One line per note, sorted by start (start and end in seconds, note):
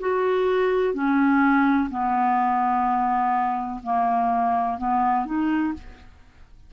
0.00 0.94 F#4
0.94 1.89 C#4
1.90 3.81 B3
3.83 4.78 A#3
4.78 5.26 B3
5.26 5.73 D#4